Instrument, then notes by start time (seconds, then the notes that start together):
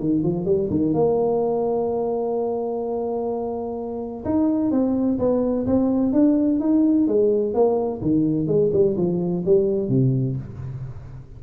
tuba
0.00 D#3
0.23 F3
0.46 G3
0.70 D#3
0.94 A#3
4.25 D#4
4.71 C4
5.19 B3
5.66 C4
6.13 D4
6.61 D#4
7.08 G#3
7.54 A#3
8.02 D#3
8.48 G#3
8.73 G3
8.97 F3
9.46 G3
9.89 C3